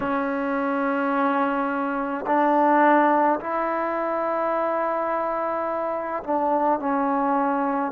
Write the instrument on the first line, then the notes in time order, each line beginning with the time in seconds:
trombone
0.00 C#4
2.26 D4
3.40 E4
6.23 D4
6.79 C#4